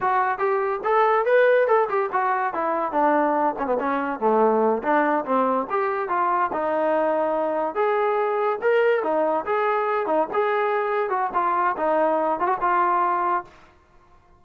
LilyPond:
\new Staff \with { instrumentName = "trombone" } { \time 4/4 \tempo 4 = 143 fis'4 g'4 a'4 b'4 | a'8 g'8 fis'4 e'4 d'4~ | d'8 cis'16 b16 cis'4 a4. d'8~ | d'8 c'4 g'4 f'4 dis'8~ |
dis'2~ dis'8 gis'4.~ | gis'8 ais'4 dis'4 gis'4. | dis'8 gis'2 fis'8 f'4 | dis'4. f'16 fis'16 f'2 | }